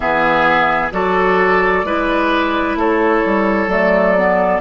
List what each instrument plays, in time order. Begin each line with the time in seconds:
0.00 bassoon E3, clarinet B3, oboe G#4, flute E5
0.91 bassoon F#3, clarinet F#4, oboe A4, flute D5
1.83 bassoon G#3, clarinet E4, oboe B4
2.75 bassoon A3, oboe A4, flute C#5
3.25 bassoon G3
3.67 bassoon F#3, clarinet A3, flute D5
4.16 clarinet B3